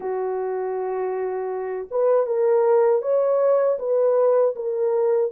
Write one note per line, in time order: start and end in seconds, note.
0.00 1.88 F#4
1.91 2.26 B4
2.26 3.02 A#4
3.02 3.78 C#5
3.78 4.54 B4
4.55 5.31 A#4